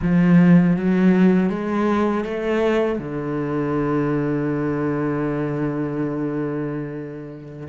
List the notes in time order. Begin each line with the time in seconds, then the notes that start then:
0.02 F3
0.76 F#3
1.49 G#3
2.24 A3
2.99 D3